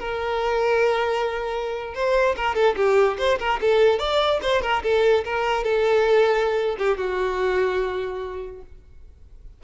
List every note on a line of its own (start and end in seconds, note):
0.00 1.95 A#4
1.95 2.36 C5
2.36 2.56 A#4
2.56 2.76 A4
2.77 3.18 G4
3.19 3.39 C5
3.40 3.60 A#4
3.61 3.99 A4
3.99 4.40 D5
4.43 4.63 C5
4.63 4.83 A#4
4.84 5.25 A4
5.25 5.64 A#4
5.64 6.77 A4
6.79 6.98 G4
6.98 8.62 F#4